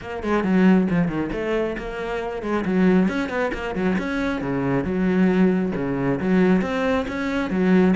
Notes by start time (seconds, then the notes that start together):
0.01 A#3
0.23 G#3
0.43 F#3
0.89 F3
1.08 D#3
1.32 A3
1.77 A#3
2.42 G#3
2.65 F#3
3.08 C#4
3.29 B3
3.53 A#3
3.75 F#3
3.98 C#4
4.41 C#3
4.84 F#3
5.75 C#3
6.20 F#3
6.61 C4
7.07 C#4
7.50 F#3